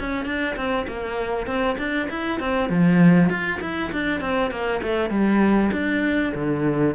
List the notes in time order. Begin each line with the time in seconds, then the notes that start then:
0.00 C#4
0.26 D4
0.56 C4
0.88 A#3
1.47 C4
1.79 D4
2.10 E4
2.40 C4
2.70 F3
3.30 F4
3.61 E4
3.92 D4
4.21 C4
4.51 A#3
4.82 A3
5.10 G3
5.72 D4
6.35 D3